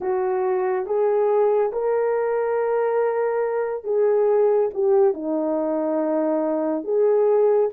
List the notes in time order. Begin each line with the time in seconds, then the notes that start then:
0.00 F#4
0.86 G#4
1.72 A#4
3.84 G#4
4.74 G4
5.14 D#4
6.84 G#4